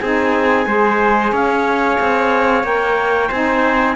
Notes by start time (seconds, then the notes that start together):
0.00 C4 D#4 G#4 G#5
0.66 G#3 G#4 C5
1.32 C#4 C#5 F5
2.01 C4
2.64 A#3 A#4 G5
3.29 C4 D#4 C5 G#5